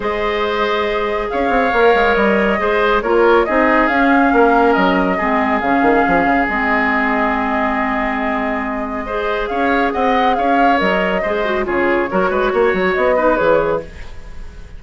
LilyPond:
<<
  \new Staff \with { instrumentName = "flute" } { \time 4/4 \tempo 4 = 139 dis''2. f''4~ | f''4 dis''2 cis''4 | dis''4 f''2 dis''4~ | dis''4 f''2 dis''4~ |
dis''1~ | dis''2 f''4 fis''4 | f''4 dis''2 cis''4~ | cis''2 dis''4 cis''4 | }
  \new Staff \with { instrumentName = "oboe" } { \time 4/4 c''2. cis''4~ | cis''2 c''4 ais'4 | gis'2 ais'2 | gis'1~ |
gis'1~ | gis'4 c''4 cis''4 dis''4 | cis''2 c''4 gis'4 | ais'8 b'8 cis''4. b'4. | }
  \new Staff \with { instrumentName = "clarinet" } { \time 4/4 gis'1 | ais'2 gis'4 f'4 | dis'4 cis'2. | c'4 cis'2 c'4~ |
c'1~ | c'4 gis'2.~ | gis'4 ais'4 gis'8 fis'8 f'4 | fis'2~ fis'8 dis'8 gis'4 | }
  \new Staff \with { instrumentName = "bassoon" } { \time 4/4 gis2. cis'8 c'8 | ais8 gis8 g4 gis4 ais4 | c'4 cis'4 ais4 fis4 | gis4 cis8 dis8 f8 cis8 gis4~ |
gis1~ | gis2 cis'4 c'4 | cis'4 fis4 gis4 cis4 | fis8 gis8 ais8 fis8 b4 e4 | }
>>